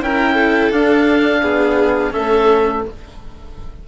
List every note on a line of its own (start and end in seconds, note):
0.00 0.71 C#4
0.00 0.71 E4
0.00 0.34 A#4
0.00 0.72 G5
0.34 1.40 A4
0.71 1.42 D4
0.71 2.13 D4
0.71 2.13 F5
1.42 2.10 B3
1.42 2.12 G#4
2.10 2.81 C#4
2.10 2.82 A4
2.10 2.83 E5
2.17 2.87 A3